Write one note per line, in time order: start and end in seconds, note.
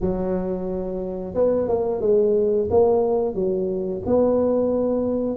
0.00 1.34 F#3
1.34 1.68 B3
1.68 2.01 A#3
2.01 2.68 G#3
2.70 3.34 A#3
3.34 4.02 F#3
4.06 5.37 B3